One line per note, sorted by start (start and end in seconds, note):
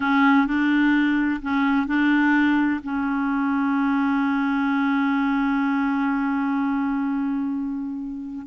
0.00 0.47 C#4
0.47 1.40 D4
1.41 1.86 C#4
1.86 2.80 D4
2.83 8.46 C#4